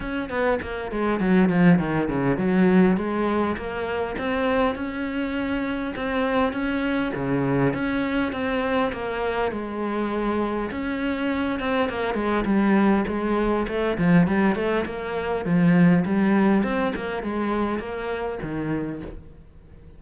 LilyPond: \new Staff \with { instrumentName = "cello" } { \time 4/4 \tempo 4 = 101 cis'8 b8 ais8 gis8 fis8 f8 dis8 cis8 | fis4 gis4 ais4 c'4 | cis'2 c'4 cis'4 | cis4 cis'4 c'4 ais4 |
gis2 cis'4. c'8 | ais8 gis8 g4 gis4 a8 f8 | g8 a8 ais4 f4 g4 | c'8 ais8 gis4 ais4 dis4 | }